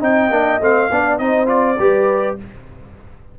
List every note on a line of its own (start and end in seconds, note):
0.00 0.30 C4
0.00 0.30 D#4
0.00 0.88 D#5
0.00 0.62 G5
0.30 0.60 A#3
0.30 0.60 D4
0.60 0.90 A3
0.60 0.90 C4
0.60 1.19 F5
0.91 1.19 B3
0.91 1.20 D4
0.91 1.23 D5
1.19 1.78 C4
1.19 1.46 D#4
1.19 1.80 C5
1.19 1.48 D#5
1.46 1.75 F4
1.46 2.36 D5
1.79 2.38 G3
1.79 2.38 G4
1.79 2.39 B4